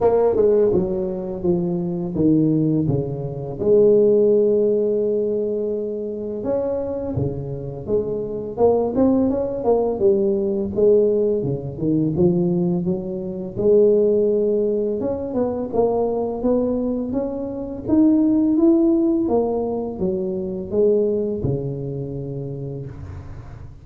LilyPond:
\new Staff \with { instrumentName = "tuba" } { \time 4/4 \tempo 4 = 84 ais8 gis8 fis4 f4 dis4 | cis4 gis2.~ | gis4 cis'4 cis4 gis4 | ais8 c'8 cis'8 ais8 g4 gis4 |
cis8 dis8 f4 fis4 gis4~ | gis4 cis'8 b8 ais4 b4 | cis'4 dis'4 e'4 ais4 | fis4 gis4 cis2 | }